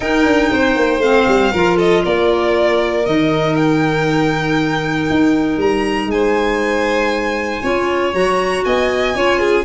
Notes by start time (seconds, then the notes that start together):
0.00 D#4 A#4 G5
0.25 D4
0.51 C4 C5
0.75 A#3
0.98 A3 C4 F5
1.27 G3
1.52 F3 F4 A#4
1.76 A4 D#5
2.04 A#3 A#4 D5
3.03 D#3 D#4 D#5
3.55 G5
5.10 D#4
5.57 G3 A#5
6.06 G#3 G#5
6.12 C5
7.62 C#4 F4 C#5
8.13 F#3 F#4 A#5
8.64 B3 D#5 G#5
9.14 C#4 F4 C#5
9.39 G#4